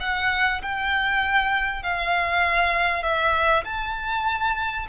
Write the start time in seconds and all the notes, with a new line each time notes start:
0.00 F#5
0.62 G5
1.83 F5
3.02 E5
3.64 A5